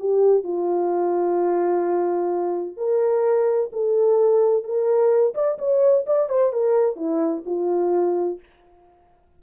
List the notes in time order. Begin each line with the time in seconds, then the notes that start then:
0.00 G4
0.44 F4
2.77 A#4
3.73 A4
4.64 A#4
5.35 D5
5.59 C#5
6.07 D5
6.30 C5
6.53 A#4
6.97 E4
7.46 F4